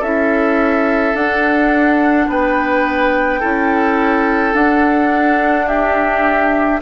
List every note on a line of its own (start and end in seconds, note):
0.00 1.15 C#4
0.00 1.15 E4
0.00 2.26 A4
0.00 1.16 E5
1.15 2.28 D4
1.15 3.41 D4
1.15 2.29 F#5
2.28 3.41 B3
2.28 3.40 B4
2.28 4.55 G5
3.40 4.54 C#4
3.40 4.54 E4
3.40 5.67 A4
4.54 6.80 D4
4.54 6.81 D4
4.54 5.68 F#5
5.67 6.81 G4
5.67 6.81 E5